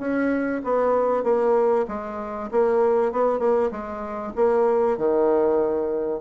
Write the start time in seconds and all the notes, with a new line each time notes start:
0.00 C#4
0.64 B3
1.24 A#3
1.88 G#3
2.52 A#3
3.12 B3
3.39 A#3
3.71 G#3
4.36 A#3
4.98 D#3